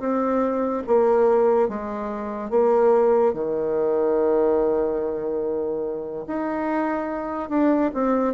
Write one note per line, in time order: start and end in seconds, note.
0.00 0.83 C4
0.87 1.69 A#3
1.69 2.51 G#3
2.51 3.34 A#3
3.34 6.26 D#3
6.28 7.50 D#4
7.50 7.91 D4
7.94 8.34 C4